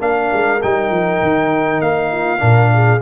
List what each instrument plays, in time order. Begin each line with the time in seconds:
0.00 tuba A#3, trombone D4, horn A#4, trumpet F5
0.33 tuba G#3
0.62 tuba G3, trombone D#4, trumpet G5
0.90 tuba F3
1.23 tuba D#3
1.81 tuba A#3, trumpet F5
2.12 horn F4
2.39 tuba A#2, trombone D4, horn A#4
2.74 horn G#4